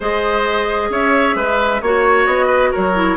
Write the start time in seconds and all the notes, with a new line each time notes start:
0.00 G#3 G#4 C5 D#5
0.89 C#4 C#5 E5
1.35 G#3 B4
1.81 A#3 F#4 C#5
2.26 B3 D#5
2.46 B4
2.71 F#3 A#4 C#5
2.94 E4